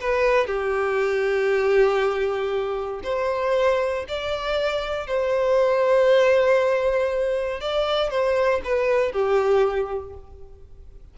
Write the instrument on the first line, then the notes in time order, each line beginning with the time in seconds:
violin
0.00 B4
0.47 G4
3.03 C5
4.08 D5
5.07 C5
7.61 D5
8.10 C5
8.64 B4
9.12 G4